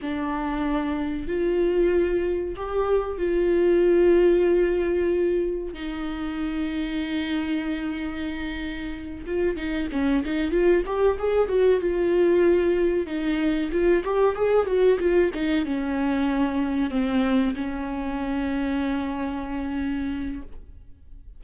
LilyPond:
\new Staff \with { instrumentName = "viola" } { \time 4/4 \tempo 4 = 94 d'2 f'2 | g'4 f'2.~ | f'4 dis'2.~ | dis'2~ dis'8 f'8 dis'8 cis'8 |
dis'8 f'8 g'8 gis'8 fis'8 f'4.~ | f'8 dis'4 f'8 g'8 gis'8 fis'8 f'8 | dis'8 cis'2 c'4 cis'8~ | cis'1 | }